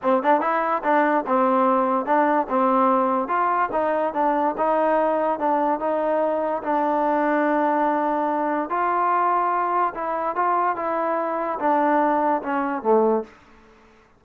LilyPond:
\new Staff \with { instrumentName = "trombone" } { \time 4/4 \tempo 4 = 145 c'8 d'8 e'4 d'4 c'4~ | c'4 d'4 c'2 | f'4 dis'4 d'4 dis'4~ | dis'4 d'4 dis'2 |
d'1~ | d'4 f'2. | e'4 f'4 e'2 | d'2 cis'4 a4 | }